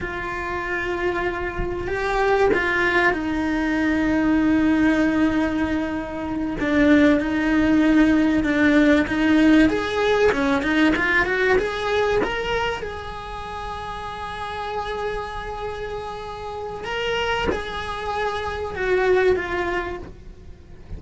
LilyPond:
\new Staff \with { instrumentName = "cello" } { \time 4/4 \tempo 4 = 96 f'2. g'4 | f'4 dis'2.~ | dis'2~ dis'8 d'4 dis'8~ | dis'4. d'4 dis'4 gis'8~ |
gis'8 cis'8 dis'8 f'8 fis'8 gis'4 ais'8~ | ais'8 gis'2.~ gis'8~ | gis'2. ais'4 | gis'2 fis'4 f'4 | }